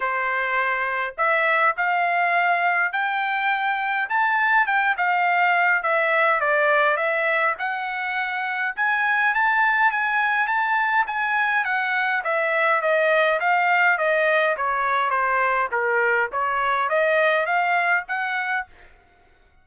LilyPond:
\new Staff \with { instrumentName = "trumpet" } { \time 4/4 \tempo 4 = 103 c''2 e''4 f''4~ | f''4 g''2 a''4 | g''8 f''4. e''4 d''4 | e''4 fis''2 gis''4 |
a''4 gis''4 a''4 gis''4 | fis''4 e''4 dis''4 f''4 | dis''4 cis''4 c''4 ais'4 | cis''4 dis''4 f''4 fis''4 | }